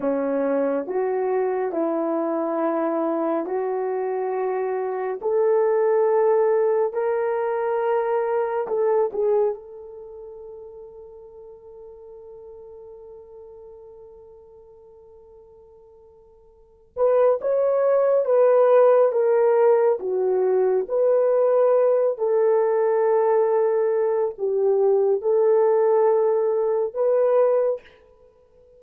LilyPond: \new Staff \with { instrumentName = "horn" } { \time 4/4 \tempo 4 = 69 cis'4 fis'4 e'2 | fis'2 a'2 | ais'2 a'8 gis'8 a'4~ | a'1~ |
a'2.~ a'8 b'8 | cis''4 b'4 ais'4 fis'4 | b'4. a'2~ a'8 | g'4 a'2 b'4 | }